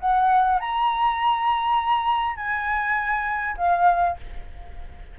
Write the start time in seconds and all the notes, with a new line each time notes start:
0.00 F#5
0.60 A#5
2.36 G#5
3.57 F5